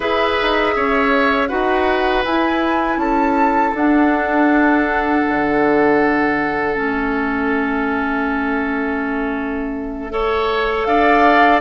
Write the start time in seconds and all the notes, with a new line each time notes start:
0.00 E4 G#4 B4 E5
0.42 D#4
0.76 C#4 C#5
1.48 D#4 F#4 B4 F#5
2.24 E4 G#5
2.97 C#4 A4 A5
3.74 D4 F#5
5.28 D3
6.74 A3 C#4 E5
10.10 A4 C#5
10.84 D4 D5 F5